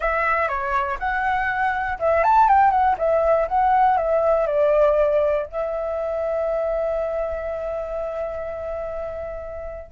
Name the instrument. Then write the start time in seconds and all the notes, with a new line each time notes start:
flute
0.00 E5
0.48 C#5
0.99 F#5
1.99 E5
2.23 A5
2.48 G5
2.70 F#5
2.98 E5
3.48 F#5
3.97 E5
4.47 D5
5.45 E5